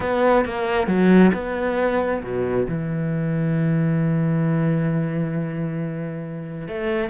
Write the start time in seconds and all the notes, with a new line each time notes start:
0.00 B3
0.45 A#3
0.87 F#3
1.33 B3
2.22 B2
2.68 E3
6.68 A3